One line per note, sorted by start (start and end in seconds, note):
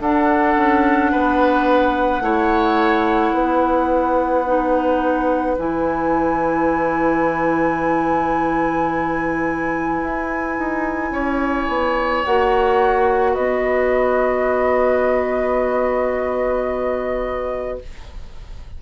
0.00 0.56 D4
0.00 2.22 D4
0.00 1.12 A4
0.00 5.57 F#5
0.57 1.12 C#4
1.12 2.21 B3
1.12 2.23 B4
2.21 3.32 A3
2.21 4.44 E4
2.21 3.34 C#5
3.34 5.57 B3
3.34 11.12 B4
4.46 5.57 D#4
5.58 10.03 E3
5.58 12.24 E4
5.58 12.25 G#5
10.03 10.59 E4
10.59 11.11 D#4
11.11 11.67 C#4
11.11 13.33 C#5
11.69 12.24 B3
12.25 13.37 A#3
12.25 17.82 F#4
12.25 13.34 F#5
13.33 17.81 B3
13.33 17.78 B4
13.33 17.79 D#5